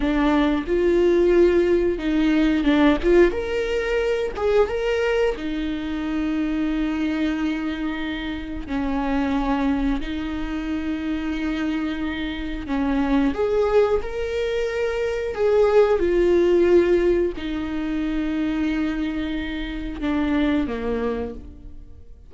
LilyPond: \new Staff \with { instrumentName = "viola" } { \time 4/4 \tempo 4 = 90 d'4 f'2 dis'4 | d'8 f'8 ais'4. gis'8 ais'4 | dis'1~ | dis'4 cis'2 dis'4~ |
dis'2. cis'4 | gis'4 ais'2 gis'4 | f'2 dis'2~ | dis'2 d'4 ais4 | }